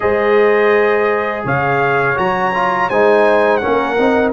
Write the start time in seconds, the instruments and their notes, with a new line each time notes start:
0.00 tuba G#3, trombone G#4, horn C5, trumpet D#5
1.44 tuba C#3, horn C#5, trumpet F5
2.15 tuba F#3, trombone F#4, trumpet A#5
2.54 trombone F4
2.89 tuba G#3, trombone D#4, horn C5, trumpet G#5
3.57 trombone C#4, horn A#4, trumpet F#5
3.65 tuba A#3
3.97 tuba C4, trombone D#4